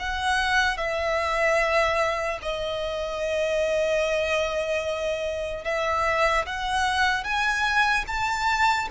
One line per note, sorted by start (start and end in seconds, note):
0.00 0.77 F#5
0.77 2.40 E5
2.43 5.65 D#5
5.65 6.46 E5
6.46 7.24 F#5
7.24 8.05 G#5
8.08 8.89 A5